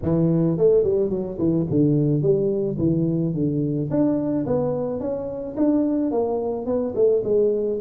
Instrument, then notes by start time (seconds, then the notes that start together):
tuba
0.02 E3
0.57 A3
0.83 G3
1.09 F#3
1.38 E3
1.70 D3
2.21 G3
2.78 E3
3.34 D3
3.90 D4
4.46 B3
4.99 C#4
5.57 D4
6.11 A#3
6.66 B3
6.95 A3
7.24 G#3